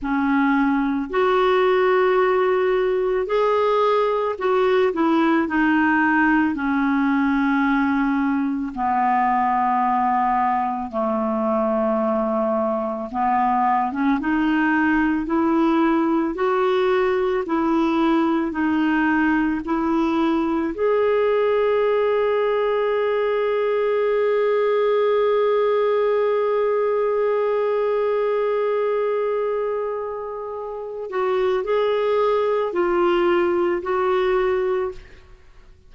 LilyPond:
\new Staff \with { instrumentName = "clarinet" } { \time 4/4 \tempo 4 = 55 cis'4 fis'2 gis'4 | fis'8 e'8 dis'4 cis'2 | b2 a2 | b8. cis'16 dis'4 e'4 fis'4 |
e'4 dis'4 e'4 gis'4~ | gis'1~ | gis'1~ | gis'8 fis'8 gis'4 f'4 fis'4 | }